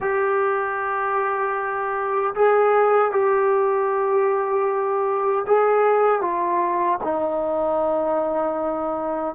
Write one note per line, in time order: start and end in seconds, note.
0.00 2.34 G4
2.34 3.11 G#4
3.11 5.45 G4
5.46 6.21 G#4
6.21 6.98 F4
7.03 9.35 D#4